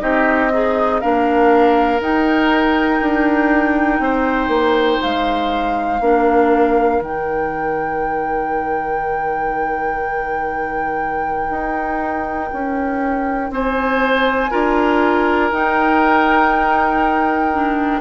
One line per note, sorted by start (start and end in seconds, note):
0.00 1.02 C4
0.00 0.50 D#4
0.00 0.52 G4
0.00 1.00 D#5
0.52 1.01 D#4
0.52 1.02 G#4
1.00 2.00 A#3
1.00 1.99 D4
1.00 4.01 A#4
1.00 2.00 F5
1.99 5.99 D#4
1.99 3.00 D#4
1.99 5.02 G5
3.01 3.99 D4
3.99 4.48 C4
3.99 6.01 C5
4.48 4.98 A#3
5.02 6.00 G#3
5.02 7.02 F5
6.00 7.00 A#3
6.00 7.02 D4
6.00 13.51 A#4
7.00 11.50 D#3
7.00 14.51 D#4
7.00 13.53 G5
11.50 12.50 D#4
12.53 13.50 C#4
13.50 14.50 C4
13.50 14.51 C5
13.50 15.52 G#5
14.51 15.51 D4
14.51 15.51 F4
14.51 18.01 A#4
15.51 18.01 D#4
15.51 17.52 D#4
15.51 18.01 G5
17.53 18.01 D4